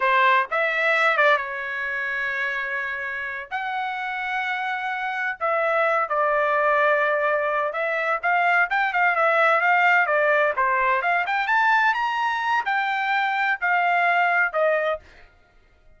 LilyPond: \new Staff \with { instrumentName = "trumpet" } { \time 4/4 \tempo 4 = 128 c''4 e''4. d''8 cis''4~ | cis''2.~ cis''8 fis''8~ | fis''2.~ fis''8 e''8~ | e''4 d''2.~ |
d''8 e''4 f''4 g''8 f''8 e''8~ | e''8 f''4 d''4 c''4 f''8 | g''8 a''4 ais''4. g''4~ | g''4 f''2 dis''4 | }